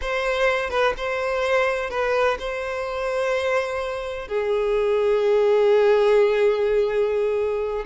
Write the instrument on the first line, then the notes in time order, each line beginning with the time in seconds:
violin
0.01 C5
0.69 B4
0.97 C5
1.89 B4
2.39 C5
4.28 G#4